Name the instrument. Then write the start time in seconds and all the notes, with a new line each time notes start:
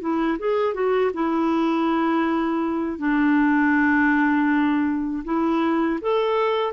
clarinet
0.00 E4
0.39 G#4
0.73 F#4
1.13 E4
2.98 D4
5.24 E4
6.01 A4